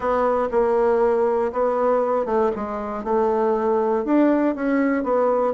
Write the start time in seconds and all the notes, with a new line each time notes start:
0.00 B3
0.51 A#3
1.52 B3
2.25 A3
2.55 G#3
3.04 A3
4.04 D4
4.55 C#4
5.03 B3